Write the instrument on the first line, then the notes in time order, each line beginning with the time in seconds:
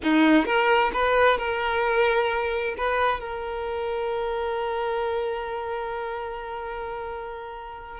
violin
0.03 D#4
0.45 A#4
0.93 B4
1.38 A#4
2.77 B4
3.19 A#4